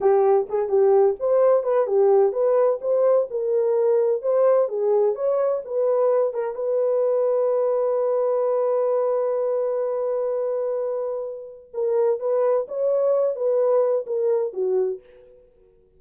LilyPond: \new Staff \with { instrumentName = "horn" } { \time 4/4 \tempo 4 = 128 g'4 gis'8 g'4 c''4 b'8 | g'4 b'4 c''4 ais'4~ | ais'4 c''4 gis'4 cis''4 | b'4. ais'8 b'2~ |
b'1~ | b'1~ | b'4 ais'4 b'4 cis''4~ | cis''8 b'4. ais'4 fis'4 | }